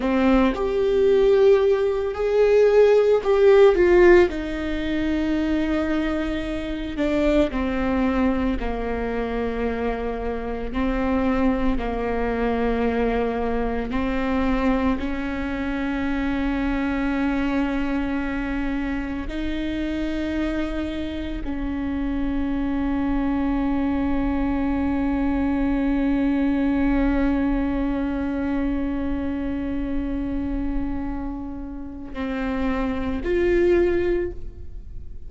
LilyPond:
\new Staff \with { instrumentName = "viola" } { \time 4/4 \tempo 4 = 56 c'8 g'4. gis'4 g'8 f'8 | dis'2~ dis'8 d'8 c'4 | ais2 c'4 ais4~ | ais4 c'4 cis'2~ |
cis'2 dis'2 | cis'1~ | cis'1~ | cis'2 c'4 f'4 | }